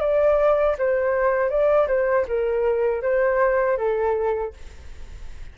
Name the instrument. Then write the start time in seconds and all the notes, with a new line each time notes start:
flute
0.00 D5
0.78 C5
1.49 D5
1.88 C5
2.28 A#4
3.02 C5
3.77 A4